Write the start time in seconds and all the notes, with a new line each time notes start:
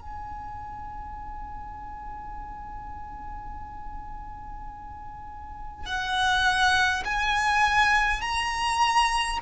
0.00 G#5
5.85 F#5
7.04 G#5
8.21 A#5